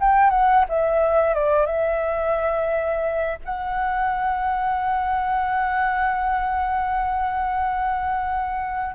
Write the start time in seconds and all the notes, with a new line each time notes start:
0.00 G5
0.30 F#5
0.69 E5
1.34 D5
1.66 E5
3.45 F#5